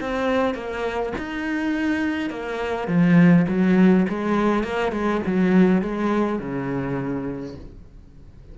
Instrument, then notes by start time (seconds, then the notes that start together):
cello
0.00 C4
0.54 A#3
1.18 D#4
2.30 A#3
2.87 F3
3.48 F#3
4.08 G#3
4.63 A#3
4.92 G#3
5.26 F#3
5.81 G#3
6.39 C#3